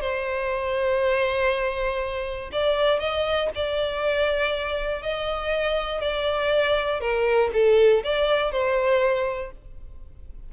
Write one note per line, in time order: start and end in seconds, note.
0.00 2.50 C5
2.52 3.00 D5
3.00 3.50 D#5
3.55 5.02 D5
5.02 6.01 D#5
6.01 7.00 D5
7.00 7.50 A#4
7.53 8.03 A4
8.03 8.51 D5
8.51 9.51 C5